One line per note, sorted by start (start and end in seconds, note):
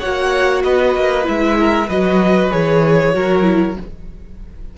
0.00 1.24 F#4
0.00 0.62 C#5
0.00 0.62 F#5
0.06 0.64 A#3
0.64 0.96 B3
0.64 1.58 B4
0.64 1.26 D#5
0.96 1.27 A#3
1.24 1.89 G#3
1.24 1.86 E4
1.24 1.89 E5
1.59 1.88 A#4
1.88 2.51 F#3
1.88 2.51 F#4
1.88 3.12 B4
1.88 2.51 D#5
2.51 3.14 E3
2.51 3.13 G#4
2.51 3.76 C#5
3.13 3.77 F#3
3.13 3.43 F#4
3.13 3.78 A#4
3.43 3.74 E4